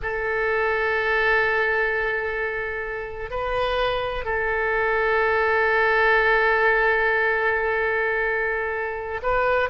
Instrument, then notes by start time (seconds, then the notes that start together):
oboe
0.02 A4
3.30 B4
4.24 A4
9.22 B4